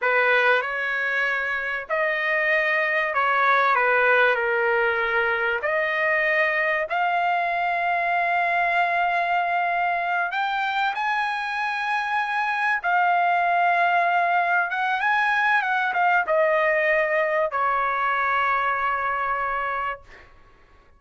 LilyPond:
\new Staff \with { instrumentName = "trumpet" } { \time 4/4 \tempo 4 = 96 b'4 cis''2 dis''4~ | dis''4 cis''4 b'4 ais'4~ | ais'4 dis''2 f''4~ | f''1~ |
f''8 g''4 gis''2~ gis''8~ | gis''8 f''2. fis''8 | gis''4 fis''8 f''8 dis''2 | cis''1 | }